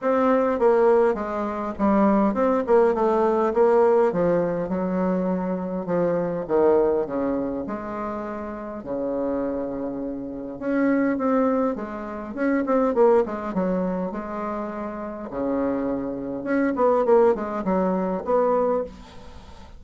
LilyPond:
\new Staff \with { instrumentName = "bassoon" } { \time 4/4 \tempo 4 = 102 c'4 ais4 gis4 g4 | c'8 ais8 a4 ais4 f4 | fis2 f4 dis4 | cis4 gis2 cis4~ |
cis2 cis'4 c'4 | gis4 cis'8 c'8 ais8 gis8 fis4 | gis2 cis2 | cis'8 b8 ais8 gis8 fis4 b4 | }